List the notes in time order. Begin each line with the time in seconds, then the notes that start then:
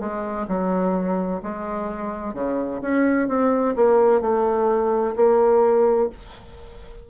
0.00 G#3
0.48 F#3
1.43 G#3
2.34 C#3
2.82 C#4
3.29 C4
3.76 A#3
4.21 A3
5.16 A#3